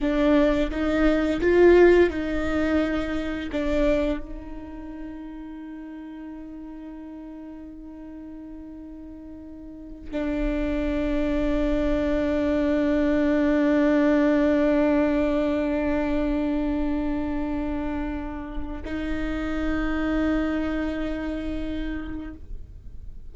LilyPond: \new Staff \with { instrumentName = "viola" } { \time 4/4 \tempo 4 = 86 d'4 dis'4 f'4 dis'4~ | dis'4 d'4 dis'2~ | dis'1~ | dis'2~ dis'8 d'4.~ |
d'1~ | d'1~ | d'2. dis'4~ | dis'1 | }